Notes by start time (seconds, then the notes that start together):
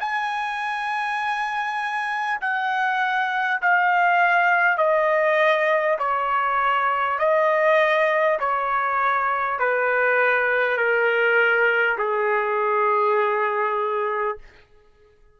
0.00 G#5
2.41 F#5
3.62 F5
4.78 D#5
5.98 C#5
7.18 D#5
8.39 C#5
9.59 B4
10.77 A#4
11.98 G#4